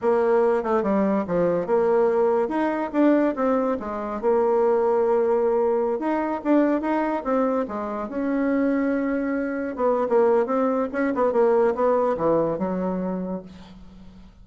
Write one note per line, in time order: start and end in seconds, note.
0.01 0.63 A#3
0.63 0.82 A3
0.82 1.24 G3
1.27 1.66 F3
1.66 2.48 A#3
2.48 2.90 D#4
2.92 3.34 D4
3.35 3.77 C4
3.79 4.21 G#3
4.21 5.99 A#3
5.99 6.41 D#4
6.43 6.81 D4
6.81 7.23 D#4
7.23 7.65 C4
7.68 8.08 G#3
8.08 9.76 C#4
9.76 10.07 B3
10.09 10.46 A#3
10.46 10.88 C4
10.92 11.13 C#4
11.14 11.32 B3
11.32 11.74 A#3
11.74 12.16 B3
12.17 12.58 E3
12.58 13.42 F#3